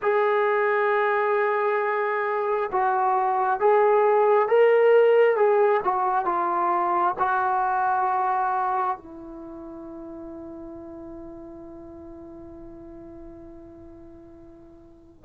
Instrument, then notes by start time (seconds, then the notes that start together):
trombone
0.02 G#4
2.72 F#4
3.59 G#4
4.48 A#4
5.36 G#4
5.84 F#4
6.24 F4
7.18 F#4
8.97 E4